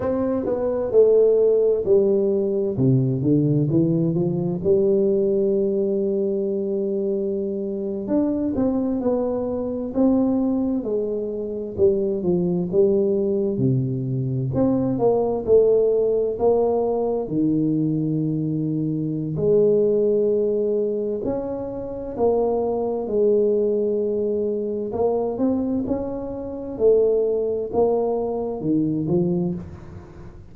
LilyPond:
\new Staff \with { instrumentName = "tuba" } { \time 4/4 \tempo 4 = 65 c'8 b8 a4 g4 c8 d8 | e8 f8 g2.~ | g8. d'8 c'8 b4 c'4 gis16~ | gis8. g8 f8 g4 c4 c'16~ |
c'16 ais8 a4 ais4 dis4~ dis16~ | dis4 gis2 cis'4 | ais4 gis2 ais8 c'8 | cis'4 a4 ais4 dis8 f8 | }